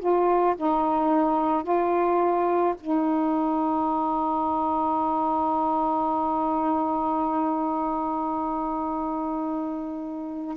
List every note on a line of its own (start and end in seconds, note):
0.00 0.56 F4
0.58 1.64 D#4
1.64 2.75 F4
2.81 10.57 D#4